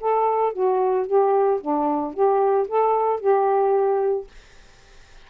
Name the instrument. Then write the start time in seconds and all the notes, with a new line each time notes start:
saxophone
0.00 A4
0.53 F#4
1.06 G4
1.60 D4
2.14 G4
2.67 A4
3.20 G4